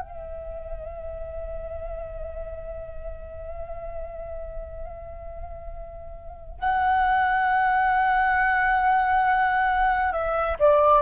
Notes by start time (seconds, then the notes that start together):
0.00 E5
6.60 F#5
10.13 E5
10.60 D5